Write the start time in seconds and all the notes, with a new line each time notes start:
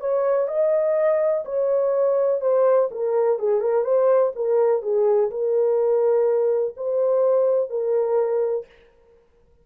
0.00 C#5
0.48 D#5
1.45 C#5
2.41 C5
2.91 A#4
3.39 G#4
3.61 A#4
3.84 C5
4.35 A#4
4.82 G#4
5.31 A#4
6.77 C5
7.70 A#4